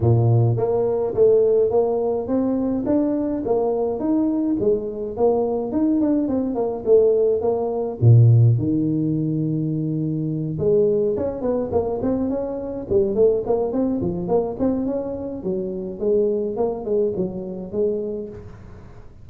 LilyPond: \new Staff \with { instrumentName = "tuba" } { \time 4/4 \tempo 4 = 105 ais,4 ais4 a4 ais4 | c'4 d'4 ais4 dis'4 | gis4 ais4 dis'8 d'8 c'8 ais8 | a4 ais4 ais,4 dis4~ |
dis2~ dis8 gis4 cis'8 | b8 ais8 c'8 cis'4 g8 a8 ais8 | c'8 f8 ais8 c'8 cis'4 fis4 | gis4 ais8 gis8 fis4 gis4 | }